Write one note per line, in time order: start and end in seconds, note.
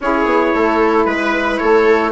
0.00 0.25 C#4
0.00 2.11 E4
0.00 0.54 G#4
0.00 1.05 C#5
0.25 0.52 B3
0.54 1.05 A3
0.54 1.07 A4
1.05 1.58 G#3
1.05 1.57 B4
1.05 1.60 B4
1.57 2.11 A3
1.57 2.11 A4
1.57 2.10 C#5